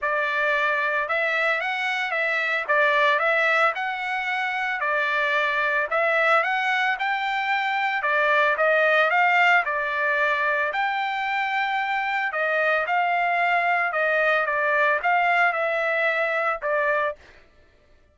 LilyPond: \new Staff \with { instrumentName = "trumpet" } { \time 4/4 \tempo 4 = 112 d''2 e''4 fis''4 | e''4 d''4 e''4 fis''4~ | fis''4 d''2 e''4 | fis''4 g''2 d''4 |
dis''4 f''4 d''2 | g''2. dis''4 | f''2 dis''4 d''4 | f''4 e''2 d''4 | }